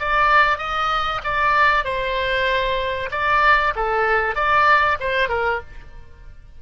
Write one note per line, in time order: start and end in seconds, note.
0.00 0.58 D5
0.58 1.20 D#5
1.24 1.85 D5
1.85 3.10 C5
3.11 3.74 D5
3.76 4.35 A4
4.35 4.98 D5
5.00 5.29 C5
5.29 5.60 A#4